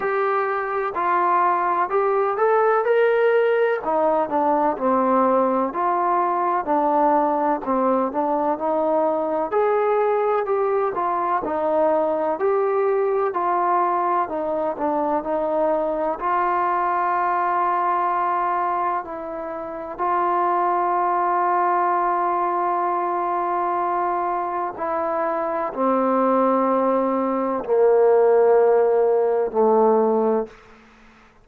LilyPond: \new Staff \with { instrumentName = "trombone" } { \time 4/4 \tempo 4 = 63 g'4 f'4 g'8 a'8 ais'4 | dis'8 d'8 c'4 f'4 d'4 | c'8 d'8 dis'4 gis'4 g'8 f'8 | dis'4 g'4 f'4 dis'8 d'8 |
dis'4 f'2. | e'4 f'2.~ | f'2 e'4 c'4~ | c'4 ais2 a4 | }